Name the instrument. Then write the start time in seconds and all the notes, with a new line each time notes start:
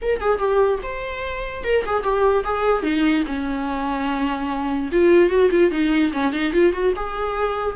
viola
0.02 A#4
0.20 G#4
0.38 G4
0.82 C5
1.63 A#4
1.86 G#4
2.03 G4
2.44 G#4
2.83 D#4
3.26 C#4
4.92 F4
5.29 F#4
5.51 F4
5.71 D#4
6.12 C#4
6.33 D#4
6.53 F4
6.73 F#4
6.96 G#4